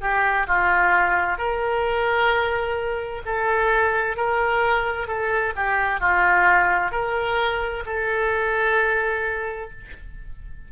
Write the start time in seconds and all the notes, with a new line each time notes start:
0.00 G4
0.47 F4
1.37 A#4
3.25 A4
4.16 A#4
5.07 A4
5.56 G4
6.00 F4
6.91 A#4
7.85 A4